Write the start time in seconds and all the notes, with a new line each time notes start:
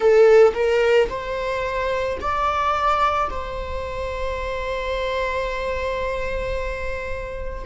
0.00 A4
0.54 A#4
1.09 C5
2.20 D5
3.30 C5